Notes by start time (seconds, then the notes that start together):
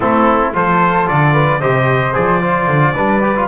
0.00 A3 C4 E4 A4
0.53 F3 F4 A4 C5
1.08 D3 D5
1.33 B4
1.60 C3 G4 C5 D#5
2.13 F3 G#4 D5
2.41 F4
2.66 D3
2.94 G3 D4 B4
3.21 G4
3.36 F4